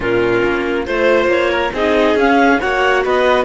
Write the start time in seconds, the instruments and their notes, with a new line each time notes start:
0.00 cello A#2, viola C#4, violin F4, clarinet A#4
0.44 cello A#3
0.86 cello A3, viola F4, clarinet C5, violin C5
1.26 cello A#3, clarinet C#5
1.50 violin A#4
1.72 cello C4, viola D#4, violin G#4, clarinet D#5
2.14 cello C#4, viola C#4, clarinet F5
2.59 cello A#3, viola F#4, violin C#5, clarinet F#5
3.04 cello B3, violin B4, clarinet D#5